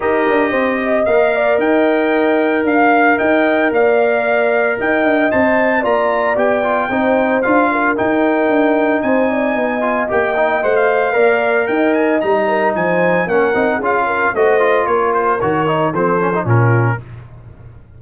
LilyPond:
<<
  \new Staff \with { instrumentName = "trumpet" } { \time 4/4 \tempo 4 = 113 dis''2 f''4 g''4~ | g''4 f''4 g''4 f''4~ | f''4 g''4 a''4 ais''4 | g''2 f''4 g''4~ |
g''4 gis''2 g''4 | fis''16 f''4.~ f''16 g''8 gis''8 ais''4 | gis''4 fis''4 f''4 dis''4 | cis''8 c''8 cis''4 c''4 ais'4 | }
  \new Staff \with { instrumentName = "horn" } { \time 4/4 ais'4 c''8 dis''4 d''8 dis''4~ | dis''4 f''4 dis''4 d''4~ | d''4 dis''2 d''4~ | d''4 c''4. ais'4.~ |
ais'4 c''8 d''8 dis''2~ | dis''4 d''4 dis''4. ais'8 | c''4 ais'4 gis'8 ais'8 c''4 | ais'2 a'4 f'4 | }
  \new Staff \with { instrumentName = "trombone" } { \time 4/4 g'2 ais'2~ | ais'1~ | ais'2 c''4 f'4 | g'8 f'8 dis'4 f'4 dis'4~ |
dis'2~ dis'8 f'8 g'8 dis'8 | c''4 ais'2 dis'4~ | dis'4 cis'8 dis'8 f'4 fis'8 f'8~ | f'4 fis'8 dis'8 c'8 cis'16 dis'16 cis'4 | }
  \new Staff \with { instrumentName = "tuba" } { \time 4/4 dis'8 d'8 c'4 ais4 dis'4~ | dis'4 d'4 dis'4 ais4~ | ais4 dis'8 d'8 c'4 ais4 | b4 c'4 d'4 dis'4 |
d'4 c'4 b4 ais4 | a4 ais4 dis'4 g4 | f4 ais8 c'8 cis'4 a4 | ais4 dis4 f4 ais,4 | }
>>